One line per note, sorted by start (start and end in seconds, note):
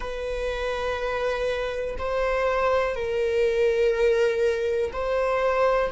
0.00 1.96 B4
1.98 2.95 C5
2.95 4.91 A#4
4.92 5.91 C5